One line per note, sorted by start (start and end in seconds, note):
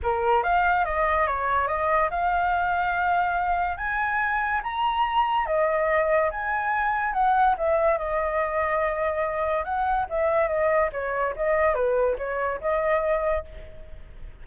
0.02 0.43 A#4
0.43 0.85 F5
0.85 1.26 D#5
1.26 1.67 C#5
1.67 2.09 D#5
2.10 3.77 F5
3.77 4.61 G#5
4.63 5.46 A#5
5.46 6.30 D#5
6.30 7.13 G#5
7.13 7.55 F#5
7.57 7.98 E5
7.98 9.64 D#5
9.64 10.06 F#5
10.09 10.48 E5
10.48 10.90 D#5
10.92 11.34 C#5
11.35 11.74 D#5
11.74 12.16 B4
12.18 12.60 C#5
12.60 13.44 D#5